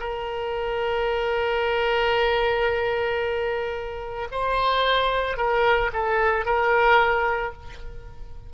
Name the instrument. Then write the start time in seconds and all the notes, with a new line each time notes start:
oboe
0.00 A#4
4.31 C5
5.38 A#4
5.93 A4
6.46 A#4